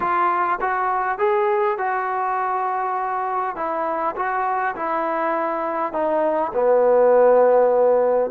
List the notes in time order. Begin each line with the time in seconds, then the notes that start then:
0.00 F4
0.60 F#4
1.18 G#4
1.78 F#4
3.55 E4
4.16 F#4
4.75 E4
5.92 D#4
6.53 B3